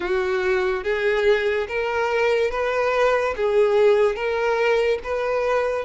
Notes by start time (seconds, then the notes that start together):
0.00 F#4
0.83 G#4
1.67 A#4
2.50 B4
3.36 G#4
4.15 A#4
5.03 B4